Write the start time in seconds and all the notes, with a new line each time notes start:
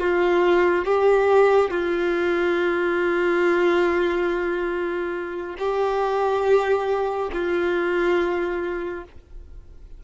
0.00 F4
0.85 G4
1.71 F4
5.59 G4
7.33 F4